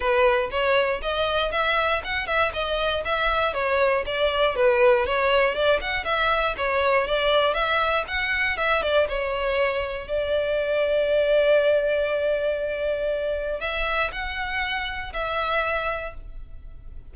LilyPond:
\new Staff \with { instrumentName = "violin" } { \time 4/4 \tempo 4 = 119 b'4 cis''4 dis''4 e''4 | fis''8 e''8 dis''4 e''4 cis''4 | d''4 b'4 cis''4 d''8 fis''8 | e''4 cis''4 d''4 e''4 |
fis''4 e''8 d''8 cis''2 | d''1~ | d''2. e''4 | fis''2 e''2 | }